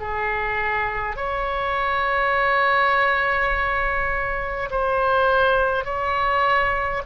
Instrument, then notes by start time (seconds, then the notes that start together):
oboe
0.00 G#4
1.17 C#5
4.71 C5
5.85 C#5